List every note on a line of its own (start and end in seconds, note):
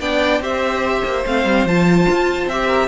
0.00 0.41 B3
0.00 0.42 D4
0.00 0.41 D5
0.00 0.42 G5
0.41 1.03 C4
0.41 1.24 G4
0.41 2.67 C5
0.41 1.26 E5
1.04 1.25 A#3
1.27 1.44 A3
1.27 1.68 C4
1.27 1.67 F5
1.44 1.65 G3
1.65 2.06 F3
1.65 2.51 F4
1.65 2.49 A5
2.10 2.47 F4
2.47 2.88 C4
2.47 2.88 G4
2.47 2.88 E5
2.67 2.88 A#4